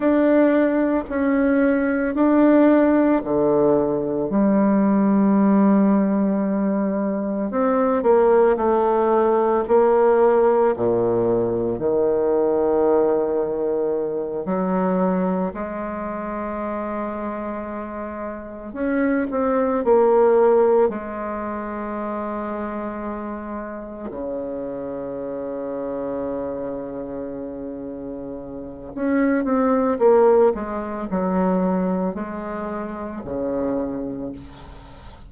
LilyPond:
\new Staff \with { instrumentName = "bassoon" } { \time 4/4 \tempo 4 = 56 d'4 cis'4 d'4 d4 | g2. c'8 ais8 | a4 ais4 ais,4 dis4~ | dis4. fis4 gis4.~ |
gis4. cis'8 c'8 ais4 gis8~ | gis2~ gis8 cis4.~ | cis2. cis'8 c'8 | ais8 gis8 fis4 gis4 cis4 | }